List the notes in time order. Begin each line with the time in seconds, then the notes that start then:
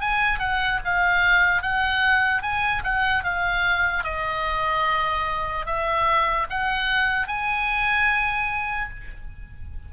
0.00 G#5
0.39 F#5
0.85 F5
1.62 F#5
2.42 G#5
2.84 F#5
3.24 F5
4.04 D#5
5.66 E5
6.50 F#5
7.28 G#5